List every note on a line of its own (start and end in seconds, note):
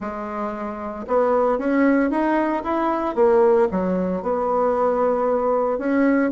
0.00 1.06 G#3
1.07 1.58 B3
1.58 2.10 C#4
2.10 2.62 D#4
2.63 3.15 E4
3.15 3.67 A#3
3.71 4.22 F#3
4.22 5.78 B3
5.78 6.31 C#4